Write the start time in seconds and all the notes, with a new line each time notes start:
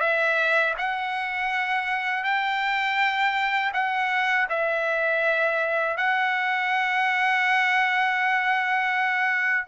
0.00 E5
0.78 F#5
2.24 G5
3.73 F#5
4.49 E5
5.97 F#5